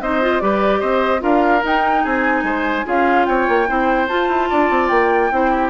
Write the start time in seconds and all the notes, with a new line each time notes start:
0.00 C4 D#4 C5 D#5
0.21 F4
0.40 G3 G4 B4 D5
0.80 C4 C5 D#5
1.19 D4 F4 A#4 F5
1.63 D#4 G5
2.03 C4 G#4 G#5
2.43 G#3 C5
2.85 C#4 F4 G#4 F5
3.25 C4 C#5 G5
3.48 A#3
3.67 C4 E4 C5
4.08 F4 A5
4.28 E4
4.49 D4 D5
4.70 C4
4.88 A#3 G5
5.31 C4 E4 C5
5.50 G4